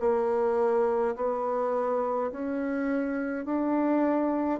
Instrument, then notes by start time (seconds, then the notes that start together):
bassoon
0.00 A#3
1.16 B3
2.32 C#4
3.46 D4